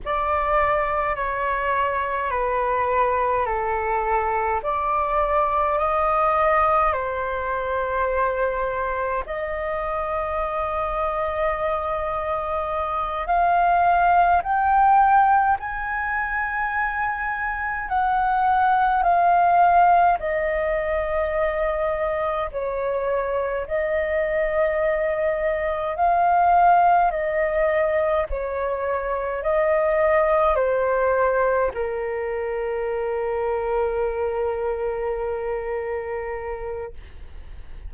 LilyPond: \new Staff \with { instrumentName = "flute" } { \time 4/4 \tempo 4 = 52 d''4 cis''4 b'4 a'4 | d''4 dis''4 c''2 | dis''2.~ dis''8 f''8~ | f''8 g''4 gis''2 fis''8~ |
fis''8 f''4 dis''2 cis''8~ | cis''8 dis''2 f''4 dis''8~ | dis''8 cis''4 dis''4 c''4 ais'8~ | ais'1 | }